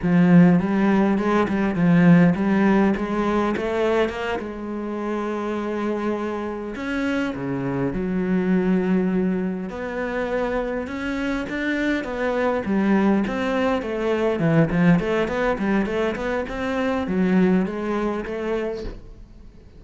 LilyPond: \new Staff \with { instrumentName = "cello" } { \time 4/4 \tempo 4 = 102 f4 g4 gis8 g8 f4 | g4 gis4 a4 ais8 gis8~ | gis2.~ gis8 cis'8~ | cis'8 cis4 fis2~ fis8~ |
fis8 b2 cis'4 d'8~ | d'8 b4 g4 c'4 a8~ | a8 e8 f8 a8 b8 g8 a8 b8 | c'4 fis4 gis4 a4 | }